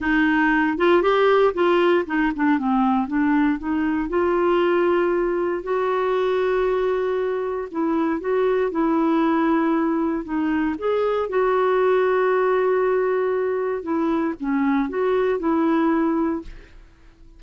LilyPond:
\new Staff \with { instrumentName = "clarinet" } { \time 4/4 \tempo 4 = 117 dis'4. f'8 g'4 f'4 | dis'8 d'8 c'4 d'4 dis'4 | f'2. fis'4~ | fis'2. e'4 |
fis'4 e'2. | dis'4 gis'4 fis'2~ | fis'2. e'4 | cis'4 fis'4 e'2 | }